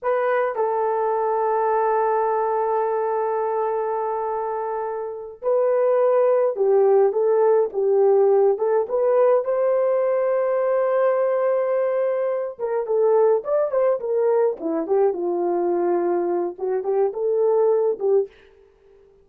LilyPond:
\new Staff \with { instrumentName = "horn" } { \time 4/4 \tempo 4 = 105 b'4 a'2.~ | a'1~ | a'4. b'2 g'8~ | g'8 a'4 g'4. a'8 b'8~ |
b'8 c''2.~ c''8~ | c''2 ais'8 a'4 d''8 | c''8 ais'4 e'8 g'8 f'4.~ | f'4 fis'8 g'8 a'4. g'8 | }